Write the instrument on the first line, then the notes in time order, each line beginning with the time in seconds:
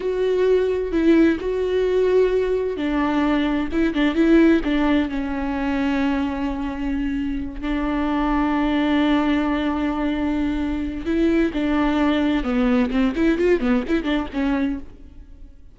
viola
0.00 F#4
0.91 E4
1.40 F#4
2.76 D4
3.72 E4
3.93 D4
4.15 E4
4.64 D4
5.09 C#4
7.61 D4
11.05 E4
11.53 D4
12.43 B3
12.90 C4
13.15 E4
13.38 F4
13.60 B3
13.88 E4
14.03 D4
14.33 C#4